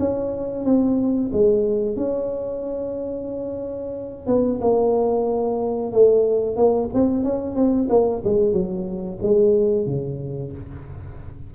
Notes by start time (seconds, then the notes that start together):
0.00 C#4
0.65 C4
1.33 G#3
1.97 C#4
4.27 B3
4.62 A#3
5.93 A3
6.56 A#3
6.94 C4
7.24 C#4
7.56 C4
7.90 A#3
8.24 G#3
8.53 F#3
9.22 G#3
9.87 C#3